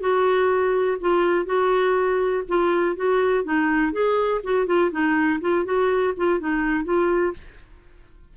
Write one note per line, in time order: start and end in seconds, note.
0.00 0.98 F#4
1.00 1.45 F4
1.45 2.43 F#4
2.48 2.96 F4
2.96 3.44 F#4
3.44 3.92 D#4
3.92 4.41 G#4
4.44 4.66 F#4
4.66 4.91 F4
4.91 5.40 D#4
5.41 5.65 F4
5.65 6.13 F#4
6.17 6.40 F4
6.40 6.84 D#4
6.84 7.33 F4